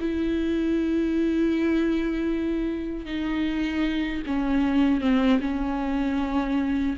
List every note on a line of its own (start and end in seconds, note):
0.00 3.06 E4
3.06 4.23 D#4
4.26 5.01 C#4
5.01 5.40 C4
5.40 6.96 C#4